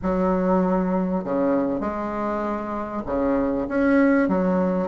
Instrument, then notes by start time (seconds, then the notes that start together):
bassoon
0.02 F#3
1.24 C#3
1.80 G#3
3.06 C#3
3.68 C#4
4.28 F#3